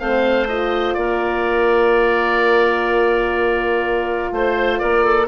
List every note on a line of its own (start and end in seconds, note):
0.00 0.96 A3
0.00 0.48 C4
0.00 0.96 C5
0.00 0.48 F5
0.48 5.28 F4
0.48 0.94 D#5
0.94 4.32 A#3
0.94 4.34 A#4
0.94 4.30 D5
4.32 4.80 A3
4.32 4.79 C5
4.32 4.80 C5
4.79 5.28 A#3
4.79 5.04 A#4
4.79 5.27 D5
5.04 5.28 A4